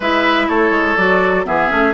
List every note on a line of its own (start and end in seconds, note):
0.00 0.48 G#3
0.00 0.97 E4
0.00 0.47 B4
0.00 0.48 E5
0.48 0.70 A3
0.48 1.46 A4
0.48 0.97 C#5
0.70 0.95 G#3
0.97 1.45 F#3
0.97 1.45 F#4
0.97 1.45 D5
1.45 1.71 E3
1.45 1.69 B3
1.45 1.93 G#4
1.45 1.93 E5
1.69 1.93 A3
1.69 1.93 C#4